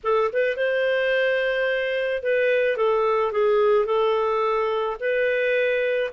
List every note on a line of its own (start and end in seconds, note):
0.03 0.31 A4
0.33 0.56 B4
0.56 2.22 C5
2.22 2.77 B4
2.77 3.32 A4
3.32 3.85 G#4
3.85 4.96 A4
4.99 6.11 B4